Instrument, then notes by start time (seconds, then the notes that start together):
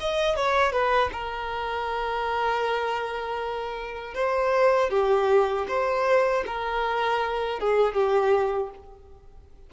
violin
0.00 D#5
0.36 C#5
0.72 B4
1.13 A#4
4.15 C5
4.90 G4
5.68 C5
6.47 A#4
7.60 G#4
7.94 G4